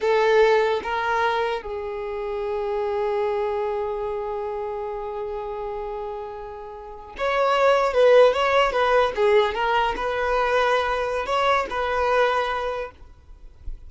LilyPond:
\new Staff \with { instrumentName = "violin" } { \time 4/4 \tempo 4 = 149 a'2 ais'2 | gis'1~ | gis'1~ | gis'1~ |
gis'4.~ gis'16 cis''2 b'16~ | b'8. cis''4 b'4 gis'4 ais'16~ | ais'8. b'2.~ b'16 | cis''4 b'2. | }